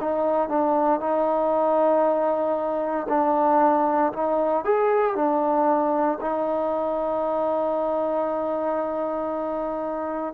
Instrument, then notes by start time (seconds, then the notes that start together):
trombone
0.00 D#4
0.48 D4
1.00 D#4
3.09 D4
4.13 D#4
4.65 G#4
5.15 D4
6.21 D#4